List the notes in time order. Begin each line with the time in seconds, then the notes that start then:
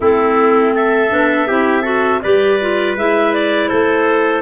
0.00 A3 C4 E4 A4
0.74 A4 E5
1.10 B3 D4
1.47 C4 E4 G4
1.82 F#4 A4
2.21 G3 G4 B4 D5
2.60 F4
2.96 G#3 E4 E5
3.34 D5
3.68 A3 A4 C5